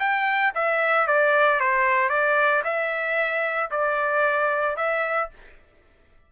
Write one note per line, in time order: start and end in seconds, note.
0.00 0.53 G5
0.55 1.08 E5
1.08 1.61 D5
1.61 2.10 C5
2.10 2.63 D5
2.65 3.71 E5
3.71 4.77 D5
4.77 5.30 E5